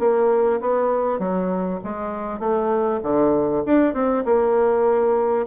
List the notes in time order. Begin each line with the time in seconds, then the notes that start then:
0.00 A#3
0.61 B3
1.20 F#3
1.85 G#3
2.40 A3
3.03 D3
3.66 D4
3.94 C4
4.25 A#3